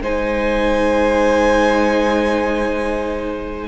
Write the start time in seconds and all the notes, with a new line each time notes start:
0.00 G#3 D#4 C5 G#5